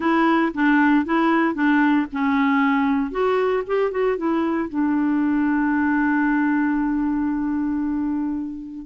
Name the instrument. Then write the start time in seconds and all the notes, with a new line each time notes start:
clarinet
0.00 E4
0.54 D4
1.05 E4
1.54 D4
2.12 C#4
3.11 F#4
3.66 G4
3.91 F#4
4.17 E4
4.69 D4